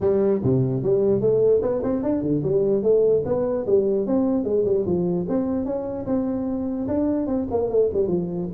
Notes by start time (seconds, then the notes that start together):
0.00 G3
0.43 C3
0.82 G3
1.21 A3
1.61 B3
1.83 C4
2.03 D4
2.22 D3
2.43 G3
2.82 A3
3.25 B3
3.66 G3
4.06 C4
4.44 G#3
4.64 G3
4.86 F3
5.28 C4
5.65 C#4
6.06 C4
6.87 D4
7.26 C4
7.50 A#3
7.69 A3
7.93 G3
8.07 F3